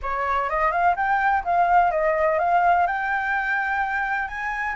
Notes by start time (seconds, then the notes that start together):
0.02 C#5
0.49 D#5
0.71 F5
0.96 G5
1.44 F5
1.91 D#5
2.39 F5
2.87 G5
4.28 G#5